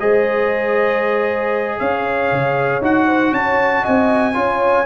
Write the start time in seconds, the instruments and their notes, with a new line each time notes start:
0.00 tuba G#3, trombone G#4, horn C5, trumpet D#5
1.79 tuba C#4, horn C#5, trumpet F5
2.32 tuba C#3
2.82 tuba D#4, trombone F#4, trumpet F#5
3.07 horn C5
3.32 tuba C#4, horn C#5, trumpet A5
3.82 tuba C4, horn D#5, trumpet G#5
4.34 tuba C#4, trombone F4, horn C#5